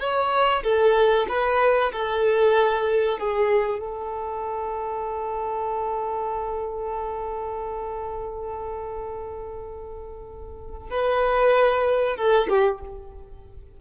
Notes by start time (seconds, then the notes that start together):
0.00 C#5
0.63 A4
1.29 B4
1.92 A4
3.19 G#4
3.80 A4
10.90 B4
12.17 A4
12.49 G4